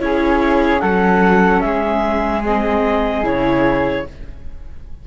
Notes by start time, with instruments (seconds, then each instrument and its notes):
0.00 cello C#4, viola E4, flute G#4, clarinet C#5
0.80 cello F#3, viola C#4, flute A4, clarinet F#5
1.61 cello G#3, flute G#4, clarinet E5
2.45 viola C4, clarinet D#5
3.24 cello C#3, viola E4, clarinet C#5